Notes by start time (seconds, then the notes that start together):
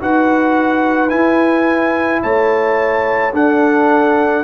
0.00 D#4 F#4 B4 F#5
1.09 E4 G#5
2.23 A3 C#5 A5
3.33 D4 A4 F#5